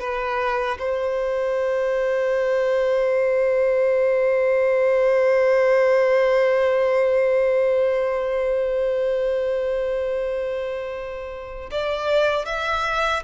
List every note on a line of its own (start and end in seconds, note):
0.00 0.78 B4
0.79 11.70 C5
11.71 12.45 D5
12.45 13.23 E5